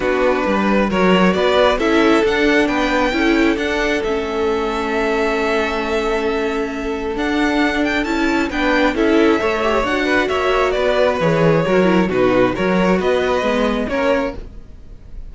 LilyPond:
<<
  \new Staff \with { instrumentName = "violin" } { \time 4/4 \tempo 4 = 134 b'2 cis''4 d''4 | e''4 fis''4 g''2 | fis''4 e''2.~ | e''1 |
fis''4. g''8 a''4 g''4 | e''2 fis''4 e''4 | d''4 cis''2 b'4 | cis''4 dis''2 cis''4 | }
  \new Staff \with { instrumentName = "violin" } { \time 4/4 fis'4 b'4 ais'4 b'4 | a'2 b'4 a'4~ | a'1~ | a'1~ |
a'2. b'4 | a'4 cis''4. b'8 cis''4 | b'2 ais'4 fis'4 | ais'4 b'2 ais'4 | }
  \new Staff \with { instrumentName = "viola" } { \time 4/4 d'2 fis'2 | e'4 d'2 e'4 | d'4 cis'2.~ | cis'1 |
d'2 e'4 d'4 | e'4 a'8 g'8 fis'2~ | fis'4 gis'4 fis'8 e'8 dis'4 | fis'2 b4 cis'4 | }
  \new Staff \with { instrumentName = "cello" } { \time 4/4 b4 g4 fis4 b4 | cis'4 d'4 b4 cis'4 | d'4 a2.~ | a1 |
d'2 cis'4 b4 | cis'4 a4 d'4 ais4 | b4 e4 fis4 b,4 | fis4 b4 gis4 ais4 | }
>>